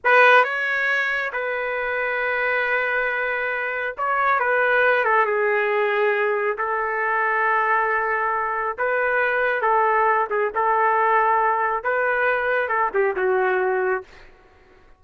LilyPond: \new Staff \with { instrumentName = "trumpet" } { \time 4/4 \tempo 4 = 137 b'4 cis''2 b'4~ | b'1~ | b'4 cis''4 b'4. a'8 | gis'2. a'4~ |
a'1 | b'2 a'4. gis'8 | a'2. b'4~ | b'4 a'8 g'8 fis'2 | }